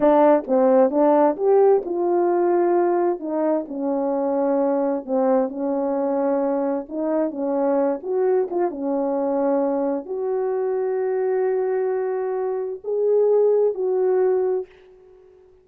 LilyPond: \new Staff \with { instrumentName = "horn" } { \time 4/4 \tempo 4 = 131 d'4 c'4 d'4 g'4 | f'2. dis'4 | cis'2. c'4 | cis'2. dis'4 |
cis'4. fis'4 f'8 cis'4~ | cis'2 fis'2~ | fis'1 | gis'2 fis'2 | }